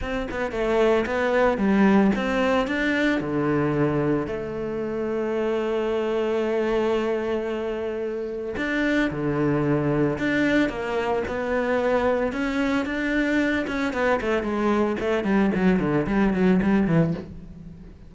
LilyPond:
\new Staff \with { instrumentName = "cello" } { \time 4/4 \tempo 4 = 112 c'8 b8 a4 b4 g4 | c'4 d'4 d2 | a1~ | a1 |
d'4 d2 d'4 | ais4 b2 cis'4 | d'4. cis'8 b8 a8 gis4 | a8 g8 fis8 d8 g8 fis8 g8 e8 | }